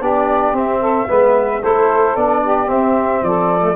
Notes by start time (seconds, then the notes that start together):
0.00 B3 D4 G4 D5
0.53 C4 E5
0.81 A4
1.08 G#3 B3 B4
1.61 A3 E4 A4 C5
2.16 B3 D4 D5
2.42 G4
2.67 C4 E5
3.23 F3 A4 D5
3.61 A3